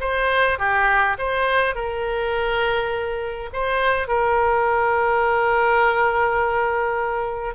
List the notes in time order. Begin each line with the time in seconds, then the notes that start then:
0.00 C5
0.59 G4
1.18 C5
1.75 A#4
3.53 C5
4.08 A#4